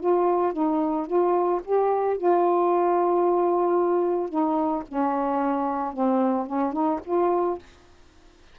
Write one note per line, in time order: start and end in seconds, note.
0.00 0.53 F4
0.53 1.07 D#4
1.07 1.61 F4
1.65 2.17 G4
2.17 4.29 F4
4.29 4.83 D#4
4.88 5.93 C#4
5.93 6.46 C4
6.46 6.72 C#4
6.72 7.00 D#4
7.04 7.58 F4